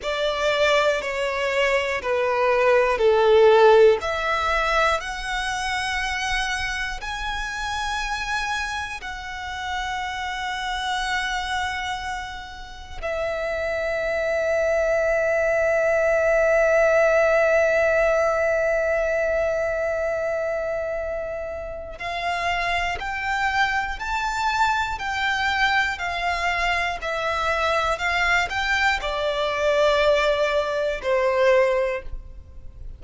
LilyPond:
\new Staff \with { instrumentName = "violin" } { \time 4/4 \tempo 4 = 60 d''4 cis''4 b'4 a'4 | e''4 fis''2 gis''4~ | gis''4 fis''2.~ | fis''4 e''2.~ |
e''1~ | e''2 f''4 g''4 | a''4 g''4 f''4 e''4 | f''8 g''8 d''2 c''4 | }